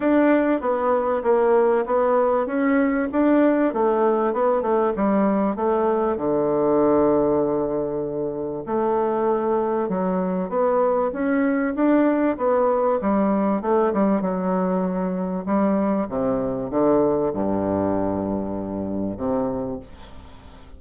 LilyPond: \new Staff \with { instrumentName = "bassoon" } { \time 4/4 \tempo 4 = 97 d'4 b4 ais4 b4 | cis'4 d'4 a4 b8 a8 | g4 a4 d2~ | d2 a2 |
fis4 b4 cis'4 d'4 | b4 g4 a8 g8 fis4~ | fis4 g4 c4 d4 | g,2. c4 | }